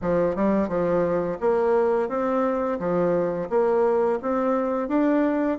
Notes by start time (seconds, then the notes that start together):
0.01 F3
0.35 G3
0.68 F3
1.40 A#3
2.09 C4
2.79 F3
3.49 A#3
4.21 C4
4.88 D4